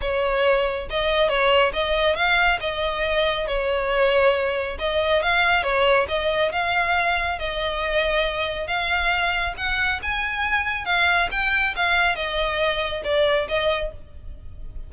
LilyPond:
\new Staff \with { instrumentName = "violin" } { \time 4/4 \tempo 4 = 138 cis''2 dis''4 cis''4 | dis''4 f''4 dis''2 | cis''2. dis''4 | f''4 cis''4 dis''4 f''4~ |
f''4 dis''2. | f''2 fis''4 gis''4~ | gis''4 f''4 g''4 f''4 | dis''2 d''4 dis''4 | }